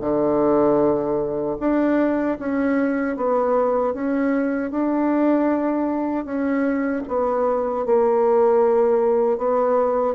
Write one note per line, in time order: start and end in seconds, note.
0.00 1.56 D3
1.59 2.37 D4
2.39 3.16 C#4
3.16 3.94 B3
3.94 4.71 C#4
4.71 6.24 D4
6.24 7.02 C#4
7.07 7.85 B3
7.85 9.37 A#3
9.37 10.14 B3